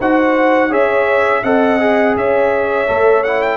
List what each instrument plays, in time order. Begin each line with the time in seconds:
0.00 tuba D#4, trombone F#4, horn C5, trumpet F#5
0.70 tuba C#4, trombone G#4, horn C#5, trumpet E5
1.43 tuba C4, trombone A4, horn D#5, trumpet F#5
1.80 trombone G#4
2.16 tuba C#4, horn C#5, trumpet E5
2.88 tuba A3, trombone A4
3.24 trombone E4, trumpet F#5
3.42 trumpet G5